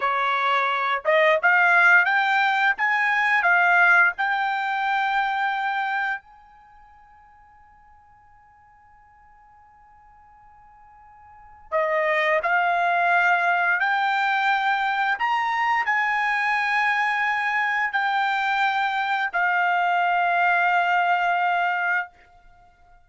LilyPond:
\new Staff \with { instrumentName = "trumpet" } { \time 4/4 \tempo 4 = 87 cis''4. dis''8 f''4 g''4 | gis''4 f''4 g''2~ | g''4 gis''2.~ | gis''1~ |
gis''4 dis''4 f''2 | g''2 ais''4 gis''4~ | gis''2 g''2 | f''1 | }